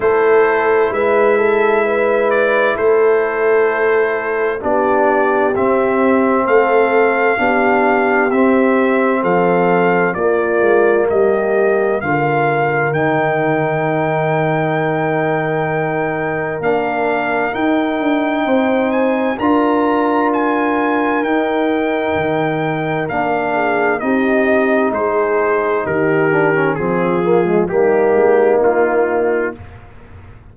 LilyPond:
<<
  \new Staff \with { instrumentName = "trumpet" } { \time 4/4 \tempo 4 = 65 c''4 e''4. d''8 c''4~ | c''4 d''4 e''4 f''4~ | f''4 e''4 f''4 d''4 | dis''4 f''4 g''2~ |
g''2 f''4 g''4~ | g''8 gis''8 ais''4 gis''4 g''4~ | g''4 f''4 dis''4 c''4 | ais'4 gis'4 g'4 f'4 | }
  \new Staff \with { instrumentName = "horn" } { \time 4/4 a'4 b'8 a'8 b'4 a'4~ | a'4 g'2 a'4 | g'2 a'4 f'4 | g'4 ais'2.~ |
ais'1 | c''4 ais'2.~ | ais'4. gis'8 g'4 gis'4 | g'4 f'4 dis'2 | }
  \new Staff \with { instrumentName = "trombone" } { \time 4/4 e'1~ | e'4 d'4 c'2 | d'4 c'2 ais4~ | ais4 f'4 dis'2~ |
dis'2 d'4 dis'4~ | dis'4 f'2 dis'4~ | dis'4 d'4 dis'2~ | dis'8 d'16 cis'16 c'8 ais16 gis16 ais2 | }
  \new Staff \with { instrumentName = "tuba" } { \time 4/4 a4 gis2 a4~ | a4 b4 c'4 a4 | b4 c'4 f4 ais8 gis8 | g4 d4 dis2~ |
dis2 ais4 dis'8 d'8 | c'4 d'2 dis'4 | dis4 ais4 c'4 gis4 | dis4 f4 g8 gis8 ais4 | }
>>